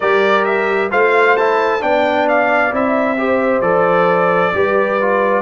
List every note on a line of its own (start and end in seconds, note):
0.00 0.91 G3
0.00 0.91 G4
0.00 0.90 A#4
0.00 0.44 D5
0.44 0.90 E5
0.90 1.82 A3
0.90 1.36 F4
0.90 1.80 C5
0.90 1.36 F5
1.36 1.80 E4
1.36 1.82 A5
1.80 2.72 B3
1.80 2.70 D4
1.80 3.18 D5
1.80 2.27 G5
2.28 2.73 F5
2.71 3.61 C4
2.71 3.16 E4
2.71 3.61 E5
3.17 3.62 G4
3.17 4.54 C5
3.61 4.52 F3
3.61 4.53 A4
3.61 5.42 D5
4.54 5.42 G3
4.54 4.99 G4
4.54 5.42 B4
5.01 5.42 F4